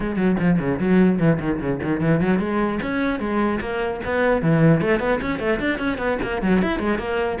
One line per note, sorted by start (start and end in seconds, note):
0.00 0.16 G#3
0.16 0.36 F#3
0.39 0.59 F3
0.59 0.79 C#3
0.79 1.19 F#3
1.19 1.39 E3
1.40 1.60 D#3
1.60 1.80 C#3
1.83 2.00 D#3
2.00 2.20 E3
2.20 2.39 F#3
2.39 2.79 G#3
2.81 3.19 C#4
3.19 3.59 G#3
3.60 4.00 A#3
4.04 4.42 B3
4.42 4.81 E3
4.81 4.99 A3
4.99 5.19 B3
5.21 5.39 C#4
5.39 5.59 A3
5.59 5.78 D4
5.78 5.98 C#4
5.98 6.18 B3
6.22 6.42 A#3
6.42 6.62 F#3
6.62 6.79 E4
6.79 6.98 G#3
6.98 7.38 A#3